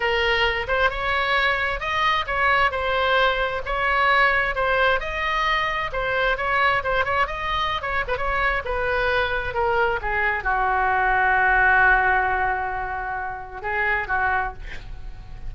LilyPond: \new Staff \with { instrumentName = "oboe" } { \time 4/4 \tempo 4 = 132 ais'4. c''8 cis''2 | dis''4 cis''4 c''2 | cis''2 c''4 dis''4~ | dis''4 c''4 cis''4 c''8 cis''8 |
dis''4~ dis''16 cis''8 b'16 cis''4 b'4~ | b'4 ais'4 gis'4 fis'4~ | fis'1~ | fis'2 gis'4 fis'4 | }